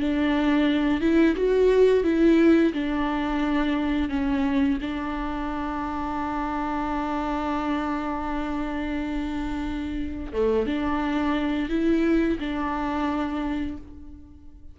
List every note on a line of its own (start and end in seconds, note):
0.00 1.01 D4
1.01 1.35 E4
1.36 2.04 F#4
2.04 2.73 E4
2.73 4.09 D4
4.09 4.78 C#4
4.81 10.33 D4
10.33 10.66 A3
10.66 11.69 D4
11.69 12.38 E4
12.39 13.77 D4